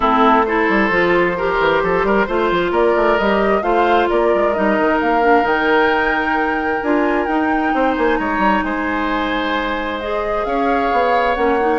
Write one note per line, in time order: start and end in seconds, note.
0.00 0.69 A3
0.00 0.45 C4
0.00 0.45 E4
0.00 0.45 A4
0.45 0.91 E4
0.45 1.37 A4
0.45 2.73 C5
0.69 0.90 G3
0.90 1.58 F3
0.90 1.36 F4
1.37 2.27 G4
1.37 1.82 A#4
1.59 1.82 E3
1.83 2.03 F3
1.83 2.06 A4
2.03 2.26 G3
2.03 2.26 A#4
2.26 2.51 A3
2.26 3.18 F4
2.26 2.71 C5
2.51 2.71 F3
2.71 2.93 A#3
2.71 3.62 A#4
2.71 3.17 D5
2.96 3.18 A3
3.17 3.61 G3
3.17 3.62 G4
3.17 3.62 D#5
3.61 4.07 A3
3.61 4.53 F4
3.61 4.09 C5
3.61 4.08 F5
4.09 4.34 A#3
4.09 7.73 A#4
4.09 4.53 D5
4.34 4.57 G#3
4.53 4.79 G3
4.53 5.21 D#4
4.53 4.98 D#5
4.79 5.01 D#3
5.00 5.43 A#3
5.00 5.46 F5
5.21 5.42 D4
5.42 6.80 D#3
5.42 6.79 D#4
5.42 6.82 G5
6.82 7.27 D4
6.82 7.28 F4
6.82 7.26 G#5
7.26 7.72 D#4
7.26 10.01 D#4
7.26 7.94 G5
7.74 7.96 C4
7.74 8.19 C5
7.96 8.19 A#3
7.96 8.17 G#5
8.17 8.38 G#3
8.17 8.64 C#5
8.17 8.62 A#5
8.38 8.60 G3
8.63 10.45 G#3
8.63 10.46 C5
8.63 10.00 G#5
10.00 11.36 G#4
10.00 10.44 D#5
10.44 10.91 C#4
10.44 11.79 C#5
10.44 11.34 F5
10.92 11.36 B3
11.34 11.79 A#3
11.34 11.58 C#4
11.34 11.79 F#5
11.60 11.79 D#4